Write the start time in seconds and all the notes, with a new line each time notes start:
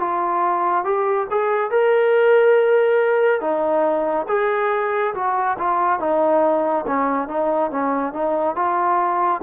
0.00 F4
0.85 G4
1.31 G#4
1.71 A#4
3.41 D#4
4.29 G#4
5.15 F#4
5.59 F4
6.00 D#4
6.87 C#4
7.28 D#4
7.71 C#4
8.14 D#4
8.56 F4